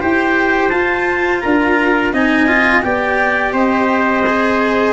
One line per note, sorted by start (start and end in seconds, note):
0.00 0.70 E4
0.00 0.71 G4
0.00 1.43 C5
0.00 0.69 G5
0.69 1.41 F4
0.69 2.13 F4
0.69 1.39 A5
1.40 2.13 D4
1.40 2.13 A#4
1.40 2.11 A#5
2.13 2.83 C4
2.13 2.48 D#4
2.13 2.84 D#5
2.13 2.82 G#5
2.48 2.82 F4
2.82 3.52 B3
2.82 4.24 G4
2.82 3.53 D5
2.82 3.53 G5
3.52 4.93 C4
3.52 4.93 C5
3.52 4.93 D#5
4.26 4.93 G#4